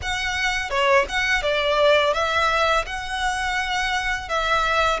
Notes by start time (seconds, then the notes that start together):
0.02 F#5
0.69 C#5
1.08 F#5
1.42 D5
2.13 E5
2.85 F#5
4.28 E5